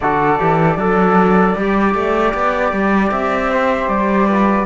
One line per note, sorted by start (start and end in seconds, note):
0.00 0.39 D3
0.00 0.39 F#4
0.00 0.77 A4
0.00 3.11 D5
0.39 0.76 E3
0.39 0.78 G4
0.76 1.54 F#3
0.76 1.55 D4
0.76 1.56 A4
1.55 1.94 G3
1.55 4.30 G4
1.55 3.50 D5
1.94 2.33 A3
2.33 2.72 B3
2.72 3.11 G3
3.11 3.87 C4
3.11 3.88 E5
3.50 4.26 C5
3.87 4.65 G3
3.87 4.65 D5
4.26 4.65 F4
4.26 4.65 B4